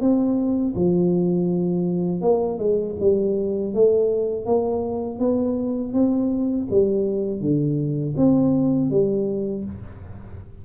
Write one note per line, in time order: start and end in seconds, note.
0.00 0.74 C4
0.75 2.21 F3
2.21 2.58 A#3
2.59 2.96 G#3
3.00 3.74 G3
3.74 4.45 A3
4.45 5.19 A#3
5.19 5.93 B3
5.93 6.67 C4
6.70 7.41 G3
7.41 8.14 D3
8.17 8.90 C4
8.90 9.64 G3